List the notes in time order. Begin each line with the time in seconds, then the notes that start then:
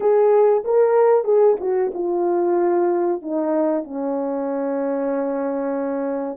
0.00 G#4
0.64 A#4
1.24 G#4
1.60 F#4
1.94 F4
3.21 D#4
3.84 C#4